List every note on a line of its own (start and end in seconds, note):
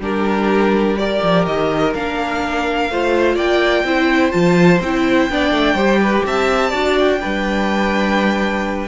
0.00 1.20 G3
0.00 0.97 D4
0.00 0.97 G4
0.00 0.98 A#4
0.97 1.93 G4
0.97 2.91 A#4
0.97 1.46 D5
1.23 1.46 F3
1.46 1.94 D#3
1.46 1.94 D#5
1.94 2.90 A#3
1.94 2.90 D4
1.94 3.38 F5
2.90 3.36 A3
2.90 3.87 F4
2.90 3.36 C5
3.36 3.84 A#3
3.36 3.84 D5
3.36 4.31 G5
3.84 4.32 C4
3.84 4.32 E4
3.84 5.31 C5
4.31 4.81 F3
4.31 4.80 F4
4.31 4.79 A5
4.81 5.29 C4
4.81 5.30 E4
4.81 6.26 G5
5.29 5.52 B3
5.29 5.78 D4
5.29 5.76 D5
5.52 5.74 A3
5.74 6.22 G3
5.74 6.73 G4
5.74 6.00 C5
6.02 6.26 B4
6.26 6.73 C4
6.26 6.69 E5
6.26 6.98 A5
6.69 7.21 D4
6.69 7.19 F#4
6.69 7.17 D5
6.99 8.88 G5
7.19 8.88 G3
7.19 8.87 D4
7.19 8.88 B4